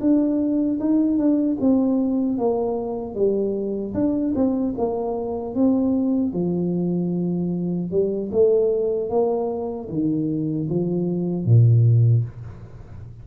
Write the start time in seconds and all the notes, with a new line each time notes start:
0.00 D4
0.80 D#4
1.17 D4
1.60 C4
2.38 A#3
3.14 G3
3.94 D4
4.35 C4
4.77 A#3
5.55 C4
6.33 F3
7.90 G3
8.31 A3
9.09 A#3
9.88 D#3
10.69 F3
11.45 A#2